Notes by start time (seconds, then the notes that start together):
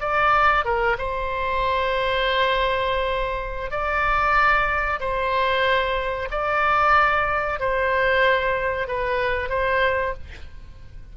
0.00 D5
0.65 A#4
0.98 C5
3.70 D5
5.00 C5
6.30 D5
7.60 C5
8.88 B4
9.49 C5